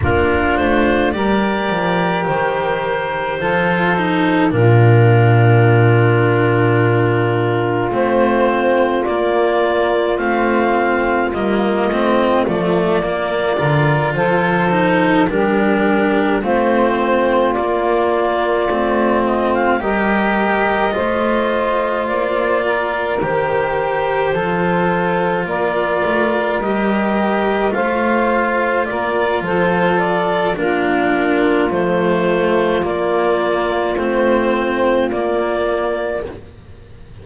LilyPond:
<<
  \new Staff \with { instrumentName = "clarinet" } { \time 4/4 \tempo 4 = 53 ais'8 c''8 d''4 c''2 | ais'2. c''4 | d''4 f''4 dis''4 d''4~ | d''8 c''4 ais'4 c''4 d''8~ |
d''4 dis''16 f''16 dis''2 d''8~ | d''8 c''2 d''4 dis''8~ | dis''8 f''4 d''8 c''8 d''8 ais'4 | c''4 d''4 c''4 d''4 | }
  \new Staff \with { instrumentName = "saxophone" } { \time 4/4 f'4 ais'2 a'4 | f'1~ | f'1 | ais'8 a'4 g'4 f'4.~ |
f'4. ais'4 c''4. | ais'4. a'4 ais'4.~ | ais'8 c''4 ais'8 a'4 f'4~ | f'1 | }
  \new Staff \with { instrumentName = "cello" } { \time 4/4 d'4 g'2 f'8 dis'8 | d'2. c'4 | ais4 c'4 ais8 c'8 a8 ais8 | f'4 dis'8 d'4 c'4 ais8~ |
ais8 c'4 g'4 f'4.~ | f'8 g'4 f'2 g'8~ | g'8 f'2~ f'8 d'4 | a4 ais4 c'4 ais4 | }
  \new Staff \with { instrumentName = "double bass" } { \time 4/4 ais8 a8 g8 f8 dis4 f4 | ais,2. a4 | ais4 a4 g8 a8 f8 ais8 | d8 f4 g4 a4 ais8~ |
ais8 a4 g4 a4 ais8~ | ais8 dis4 f4 ais8 a8 g8~ | g8 a4 ais8 f4 ais4 | f4 ais4 a4 ais4 | }
>>